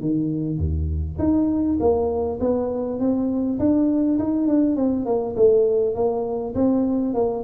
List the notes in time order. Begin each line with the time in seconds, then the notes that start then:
0.00 D#3
0.58 D#2
1.19 D#4
1.80 A#3
2.40 B3
2.99 C4
3.59 D4
4.18 D#4
4.47 D4
4.76 C4
5.05 A#3
5.35 A3
5.95 A#3
6.55 C4
7.14 A#3